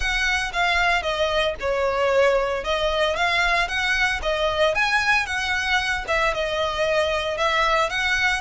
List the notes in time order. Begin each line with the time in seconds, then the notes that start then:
0.00 F#5
0.53 F5
1.02 D#5
1.60 C#5
2.64 D#5
3.16 F5
3.67 F#5
4.22 D#5
4.74 G#5
5.25 F#5
6.07 E5
6.34 D#5
7.37 E5
7.89 F#5